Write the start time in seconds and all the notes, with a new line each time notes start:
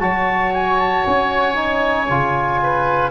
0.00 F#3 F#4 C#5 A5
0.53 G#5
0.79 A5
1.05 C#4 G#5
1.55 D#4
2.09 C#3 F4
2.62 B4